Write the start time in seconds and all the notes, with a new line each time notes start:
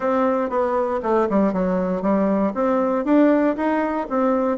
0.00 C4
0.49 B3
1.02 A3
1.29 G3
1.53 F#3
2.02 G3
2.54 C4
3.05 D4
3.56 D#4
4.09 C4